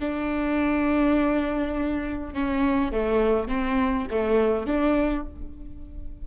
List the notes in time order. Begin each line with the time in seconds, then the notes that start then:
0.00 D4
2.34 C#4
2.92 A3
3.48 C4
4.11 A3
4.67 D4